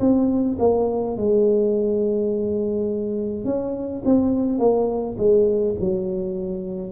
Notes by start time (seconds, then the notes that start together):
0.00 C4
0.60 A#3
1.17 G#3
3.45 C#4
4.05 C4
4.59 A#3
5.18 G#3
5.80 F#3